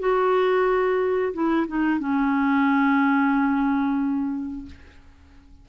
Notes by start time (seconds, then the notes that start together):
0.00 F#4
1.34 E4
1.68 D#4
2.00 C#4